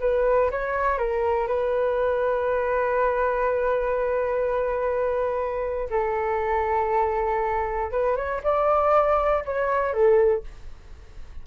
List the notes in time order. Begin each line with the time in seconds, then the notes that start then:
0.00 B4
0.51 C#5
0.98 A#4
1.47 B4
5.90 A4
7.91 B4
8.16 C#5
8.43 D5
9.45 C#5
9.93 A4